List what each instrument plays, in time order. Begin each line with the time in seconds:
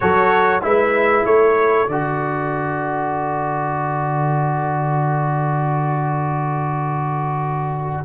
0.00 tuba F#3, trombone F#4, horn A4, trumpet C#5
0.61 tuba G#3, trombone E4, horn B4, trumpet E5
1.25 tuba A3, horn A4, trumpet C#5
1.87 tuba D3, trombone F#4, trumpet D5